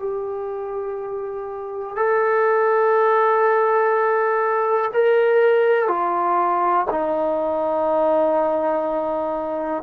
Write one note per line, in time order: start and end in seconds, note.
0.00 1.96 G4
1.96 4.91 A4
4.94 5.88 A#4
5.88 6.86 F4
6.91 9.83 D#4